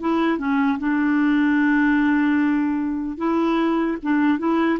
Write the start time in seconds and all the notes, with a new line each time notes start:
0.00 E4
0.38 C#4
0.79 D4
3.17 E4
4.03 D4
4.39 E4